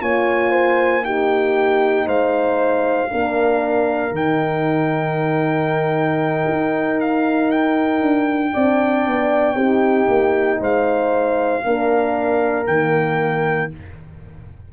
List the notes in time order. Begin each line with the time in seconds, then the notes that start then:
0.00 A#3 F4 C#5 G#5
0.51 C5
1.02 D#4 G4 G5
2.06 G#3 C5 F5
3.09 A#3 D4 A#4
4.11 D#3 D#4 G5
6.47 D#4
7.00 F5
7.50 G5
8.01 D4
8.53 C4 D4 D5
9.06 B3
9.55 C4 D#4 G4
10.08 A#3
10.60 G#3 C5 F5
11.64 A#3 D4 A#4
12.66 D#3 A#3 G5